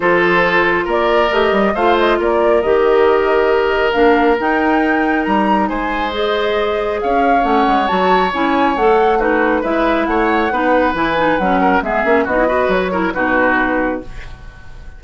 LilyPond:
<<
  \new Staff \with { instrumentName = "flute" } { \time 4/4 \tempo 4 = 137 c''2 d''4 dis''4 | f''8 dis''8 d''4 dis''2~ | dis''4 f''4 g''2 | ais''4 gis''4 dis''2 |
f''4 fis''4 a''4 gis''4 | fis''4 b'4 e''4 fis''4~ | fis''4 gis''4 fis''4 e''4 | dis''4 cis''4 b'2 | }
  \new Staff \with { instrumentName = "oboe" } { \time 4/4 a'2 ais'2 | c''4 ais'2.~ | ais'1~ | ais'4 c''2. |
cis''1~ | cis''4 fis'4 b'4 cis''4 | b'2~ b'8 ais'8 gis'4 | fis'8 b'4 ais'8 fis'2 | }
  \new Staff \with { instrumentName = "clarinet" } { \time 4/4 f'2. g'4 | f'2 g'2~ | g'4 d'4 dis'2~ | dis'2 gis'2~ |
gis'4 cis'4 fis'4 e'4 | a'4 dis'4 e'2 | dis'4 e'8 dis'8 cis'4 b8 cis'8 | dis'16 e'16 fis'4 e'8 dis'2 | }
  \new Staff \with { instrumentName = "bassoon" } { \time 4/4 f2 ais4 a8 g8 | a4 ais4 dis2~ | dis4 ais4 dis'2 | g4 gis2. |
cis'4 a8 gis8 fis4 cis'4 | a2 gis4 a4 | b4 e4 fis4 gis8 ais8 | b4 fis4 b,2 | }
>>